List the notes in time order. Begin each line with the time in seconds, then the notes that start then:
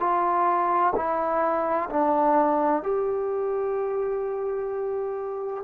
0.00 F4
0.95 E4
1.90 D4
2.83 G4